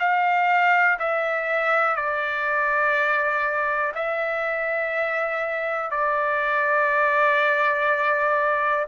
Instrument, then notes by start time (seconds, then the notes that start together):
trumpet
0.00 F5
1.00 E5
1.96 D5
3.95 E5
5.91 D5